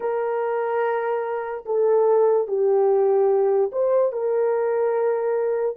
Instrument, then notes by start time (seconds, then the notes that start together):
horn
0.00 A#4
1.65 A4
2.47 G4
3.72 C5
4.12 A#4